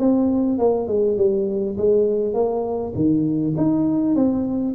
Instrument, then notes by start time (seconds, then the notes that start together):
tuba
0.00 C4
0.59 A#3
0.88 G#3
1.17 G3
1.78 G#3
2.34 A#3
2.95 D#3
3.58 D#4
4.16 C4